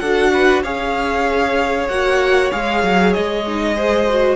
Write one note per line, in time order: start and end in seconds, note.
0.00 0.64 D4
0.00 0.65 F#4
0.00 0.31 A4
0.00 0.62 F#5
0.34 0.63 B4
0.63 1.89 C#4
0.63 1.90 G#4
0.63 3.76 C#5
0.63 1.89 F5
1.89 2.51 A#3
1.89 2.52 F#4
1.89 2.51 F#5
2.52 2.84 G#3
2.52 3.46 G#4
2.52 3.14 F5
2.84 3.15 F#3
3.14 4.36 G#3
3.14 4.36 D#5
3.48 3.76 D#4
3.76 4.07 G#4
3.76 4.36 C5
4.10 4.36 F#4